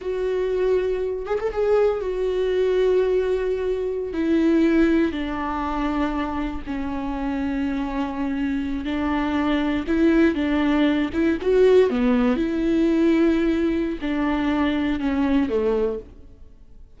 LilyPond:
\new Staff \with { instrumentName = "viola" } { \time 4/4 \tempo 4 = 120 fis'2~ fis'8 gis'16 a'16 gis'4 | fis'1~ | fis'16 e'2 d'4.~ d'16~ | d'4~ d'16 cis'2~ cis'8.~ |
cis'4.~ cis'16 d'2 e'16~ | e'8. d'4. e'8 fis'4 b16~ | b8. e'2.~ e'16 | d'2 cis'4 a4 | }